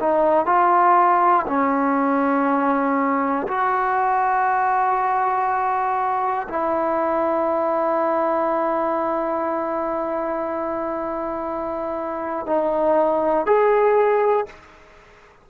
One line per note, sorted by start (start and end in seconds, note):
0.00 0.46 D#4
0.46 1.46 F4
1.47 3.47 C#4
3.47 6.47 F#4
6.49 12.46 E4
12.46 13.46 D#4
13.46 14.46 G#4